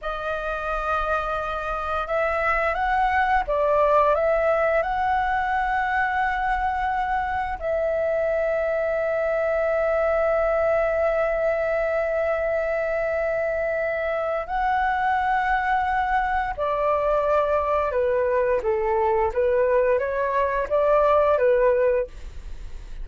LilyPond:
\new Staff \with { instrumentName = "flute" } { \time 4/4 \tempo 4 = 87 dis''2. e''4 | fis''4 d''4 e''4 fis''4~ | fis''2. e''4~ | e''1~ |
e''1~ | e''4 fis''2. | d''2 b'4 a'4 | b'4 cis''4 d''4 b'4 | }